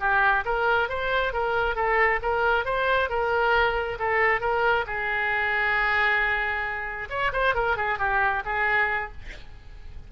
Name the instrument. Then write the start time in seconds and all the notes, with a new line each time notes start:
oboe
0.00 G4
0.45 A#4
0.89 C5
1.34 A#4
1.76 A4
2.23 A#4
2.65 C5
3.10 A#4
4.00 A4
4.41 A#4
4.87 G#4
7.10 C#5
7.33 C5
7.55 A#4
7.77 G#4
7.99 G4
8.46 G#4